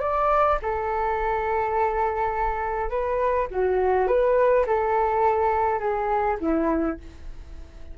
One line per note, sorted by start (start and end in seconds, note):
0.00 0.58 D5
0.62 2.90 A4
2.90 3.47 B4
3.50 4.07 F#4
4.07 4.65 B4
4.66 5.79 A4
5.79 6.37 G#4
6.40 6.98 E4